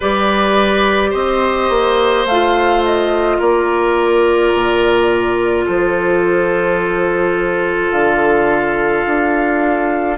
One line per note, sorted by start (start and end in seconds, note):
0.00 1.13 G3
0.00 2.27 G4
0.00 1.10 B4
0.00 1.13 D5
1.10 1.69 C4
1.10 3.37 C5
1.10 2.26 D#5
1.69 2.25 A#3
2.25 3.38 A3
2.25 10.17 F4
2.25 2.83 F5
2.84 3.41 D#5
3.38 4.53 A#3
3.38 5.65 A#4
3.38 5.67 D5
4.53 5.66 A#2
5.66 7.91 F3
5.66 10.17 A4
5.66 7.91 C5
7.91 9.04 D3
7.91 10.17 F5
9.06 10.17 D4